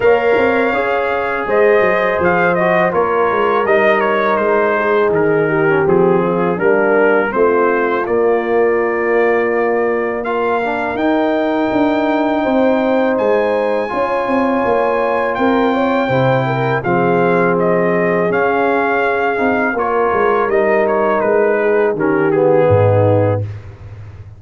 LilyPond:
<<
  \new Staff \with { instrumentName = "trumpet" } { \time 4/4 \tempo 4 = 82 f''2 dis''4 f''8 dis''8 | cis''4 dis''8 cis''8 c''4 ais'4 | gis'4 ais'4 c''4 d''4~ | d''2 f''4 g''4~ |
g''2 gis''2~ | gis''4 g''2 f''4 | dis''4 f''2 cis''4 | dis''8 cis''8 b'4 ais'8 gis'4. | }
  \new Staff \with { instrumentName = "horn" } { \time 4/4 cis''2 c''2 | ais'2~ ais'8 gis'4 g'8~ | g'8 f'8 d'4 f'2~ | f'2 ais'2~ |
ais'4 c''2 cis''4~ | cis''4 ais'8 cis''8 c''8 ais'8 gis'4~ | gis'2. ais'4~ | ais'4. gis'8 g'4 dis'4 | }
  \new Staff \with { instrumentName = "trombone" } { \time 4/4 ais'4 gis'2~ gis'8 fis'8 | f'4 dis'2~ dis'8. cis'16 | c'4 ais4 c'4 ais4~ | ais2 f'8 d'8 dis'4~ |
dis'2. f'4~ | f'2 e'4 c'4~ | c'4 cis'4. dis'8 f'4 | dis'2 cis'8 b4. | }
  \new Staff \with { instrumentName = "tuba" } { \time 4/4 ais8 c'8 cis'4 gis8 fis8 f4 | ais8 gis8 g4 gis4 dis4 | f4 g4 a4 ais4~ | ais2. dis'4 |
d'4 c'4 gis4 cis'8 c'8 | ais4 c'4 c4 f4~ | f4 cis'4. c'8 ais8 gis8 | g4 gis4 dis4 gis,4 | }
>>